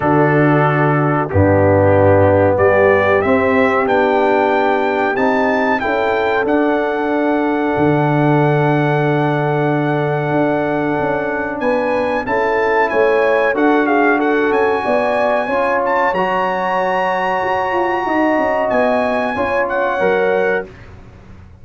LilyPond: <<
  \new Staff \with { instrumentName = "trumpet" } { \time 4/4 \tempo 4 = 93 a'2 g'2 | d''4 e''4 g''2 | a''4 g''4 fis''2~ | fis''1~ |
fis''2 gis''4 a''4 | gis''4 fis''8 f''8 fis''8 gis''4.~ | gis''8 a''8 ais''2.~ | ais''4 gis''4. fis''4. | }
  \new Staff \with { instrumentName = "horn" } { \time 4/4 fis'2 d'2 | g'1~ | g'4 a'2.~ | a'1~ |
a'2 b'4 a'4 | cis''4 a'8 gis'8 a'4 d''4 | cis''1 | dis''2 cis''2 | }
  \new Staff \with { instrumentName = "trombone" } { \time 4/4 d'2 b2~ | b4 c'4 d'2 | dis'4 e'4 d'2~ | d'1~ |
d'2. e'4~ | e'4 fis'2. | f'4 fis'2.~ | fis'2 f'4 ais'4 | }
  \new Staff \with { instrumentName = "tuba" } { \time 4/4 d2 g,2 | g4 c'4 b2 | c'4 cis'4 d'2 | d1 |
d'4 cis'4 b4 cis'4 | a4 d'4. cis'8 b4 | cis'4 fis2 fis'8 f'8 | dis'8 cis'8 b4 cis'4 fis4 | }
>>